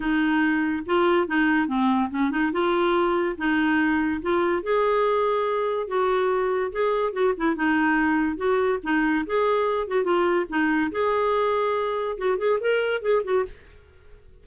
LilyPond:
\new Staff \with { instrumentName = "clarinet" } { \time 4/4 \tempo 4 = 143 dis'2 f'4 dis'4 | c'4 cis'8 dis'8 f'2 | dis'2 f'4 gis'4~ | gis'2 fis'2 |
gis'4 fis'8 e'8 dis'2 | fis'4 dis'4 gis'4. fis'8 | f'4 dis'4 gis'2~ | gis'4 fis'8 gis'8 ais'4 gis'8 fis'8 | }